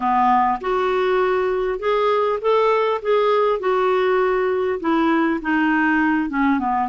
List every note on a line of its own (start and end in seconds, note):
0.00 0.59 B3
0.61 1.79 F#4
1.79 2.39 G#4
2.41 3.01 A4
3.02 3.59 G#4
3.59 4.79 F#4
4.79 5.39 E4
5.41 6.29 D#4
6.29 6.59 C#4
6.59 6.88 B3